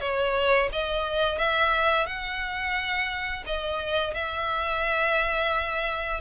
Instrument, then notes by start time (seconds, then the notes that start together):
violin
0.00 C#5
0.72 D#5
1.38 E5
2.06 F#5
3.46 D#5
4.14 E5